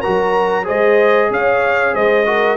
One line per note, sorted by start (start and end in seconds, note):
0.00 0.64 F#4
0.00 0.64 A#4
0.00 0.65 A#5
0.07 0.69 F#3
0.64 1.30 G#3
0.64 2.24 G#4
0.64 1.29 C5
0.64 1.31 D#5
1.30 1.94 C#4
1.30 1.94 C#5
1.30 1.95 F5
1.94 2.56 G#3
1.94 2.26 C5
1.94 2.56 D#5
2.26 2.56 F#4
2.26 2.56 A#4